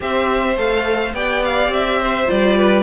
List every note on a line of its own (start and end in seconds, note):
0.00 0.57 C4
0.00 0.55 G4
0.00 1.14 C5
0.00 0.58 E5
0.57 1.13 A3
0.57 1.14 A4
0.57 1.14 F5
1.13 1.67 B3
1.13 2.26 G4
1.13 1.99 D5
1.13 1.43 G5
1.44 1.72 F5
1.67 2.25 C4
1.67 2.29 E5
1.99 2.56 C5
2.26 2.83 G3
2.26 2.83 F4
2.26 2.83 D5
2.56 2.83 B4